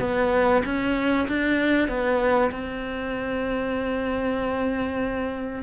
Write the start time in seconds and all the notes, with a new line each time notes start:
0.00 B3
0.65 C#4
1.28 D4
1.88 B3
2.51 C4